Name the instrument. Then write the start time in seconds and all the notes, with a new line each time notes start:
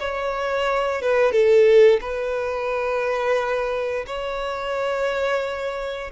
violin
0.00 C#5
1.02 B4
1.32 A4
2.01 B4
4.07 C#5